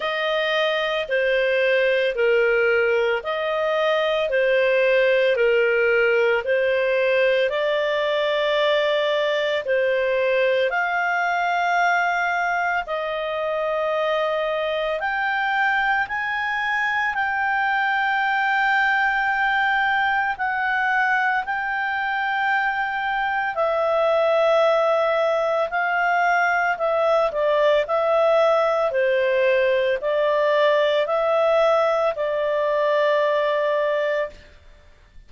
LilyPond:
\new Staff \with { instrumentName = "clarinet" } { \time 4/4 \tempo 4 = 56 dis''4 c''4 ais'4 dis''4 | c''4 ais'4 c''4 d''4~ | d''4 c''4 f''2 | dis''2 g''4 gis''4 |
g''2. fis''4 | g''2 e''2 | f''4 e''8 d''8 e''4 c''4 | d''4 e''4 d''2 | }